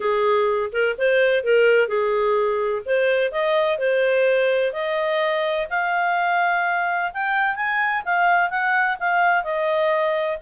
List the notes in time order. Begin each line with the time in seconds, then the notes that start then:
0.00 G#4
0.72 A#4
0.97 C5
1.43 A#4
1.88 G#4
2.85 C5
3.31 D#5
3.78 C5
4.72 D#5
5.70 F5
7.13 G5
7.55 G#5
8.05 F5
8.50 F#5
8.99 F5
9.43 D#5